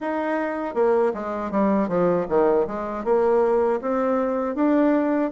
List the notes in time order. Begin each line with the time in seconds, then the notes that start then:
0.00 D#4
0.74 A#3
1.14 G#3
1.51 G3
1.88 F3
2.29 D#3
2.67 G#3
3.04 A#3
3.81 C4
4.55 D4